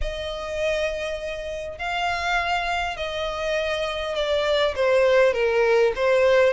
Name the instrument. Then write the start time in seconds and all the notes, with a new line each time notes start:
violin
0.01 D#5
1.78 F5
2.96 D#5
4.15 D5
4.75 C5
5.33 A#4
5.95 C5